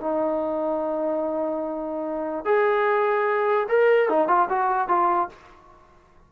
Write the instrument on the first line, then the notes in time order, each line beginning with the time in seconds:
trombone
0.00 D#4
2.45 G#4
3.69 A#4
4.09 D#4
4.28 F4
4.49 F#4
4.88 F4